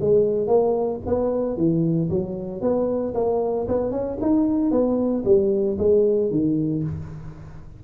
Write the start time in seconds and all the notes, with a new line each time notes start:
0.00 G#3
0.47 A#3
1.06 B3
1.56 E3
2.09 F#3
2.61 B3
3.14 A#3
3.68 B3
3.91 C#4
4.21 D#4
4.71 B3
5.25 G3
5.78 G#3
6.30 D#3